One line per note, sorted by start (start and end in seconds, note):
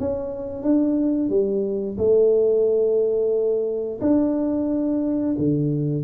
0.00 0.63 C#4
0.63 1.30 D4
1.30 1.97 G3
1.98 4.00 A3
4.01 5.36 D4
5.38 6.04 D3